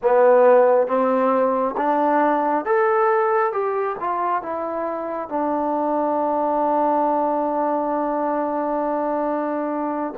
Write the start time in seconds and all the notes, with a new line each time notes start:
0.02 B3
0.87 C4
1.77 D4
2.65 A4
3.52 G4
3.99 F4
4.42 E4
5.29 D4